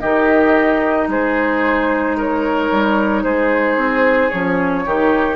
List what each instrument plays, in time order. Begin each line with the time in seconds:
0.00 bassoon D#3, clarinet D#4, oboe G4, flute D#5
1.08 bassoon G#3, oboe G#4, flute C5
2.17 oboe A#4, flute C#5
2.71 bassoon G3
3.23 bassoon G#3, oboe G#4, flute C5
3.76 bassoon C4
4.29 bassoon F3, clarinet C#4, flute C#5
4.85 bassoon D#3, clarinet D#4, oboe G4